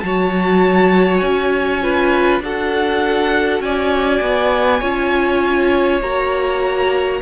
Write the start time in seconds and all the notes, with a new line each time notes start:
0.00 F#3 F#4 C#5 A5
1.18 C#4 G#5
1.82 F4 B4
2.41 D4 F#4 A4 F#5
3.61 C#4 D5 G#5
4.21 B3
4.80 C#4 F4 C#5
6.01 A#3 F#4 A#5